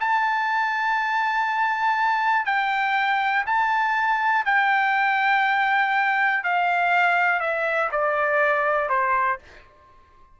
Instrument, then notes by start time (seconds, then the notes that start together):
trumpet
0.00 A5
2.45 G5
3.46 A5
4.45 G5
6.43 F5
7.40 E5
7.92 D5
8.89 C5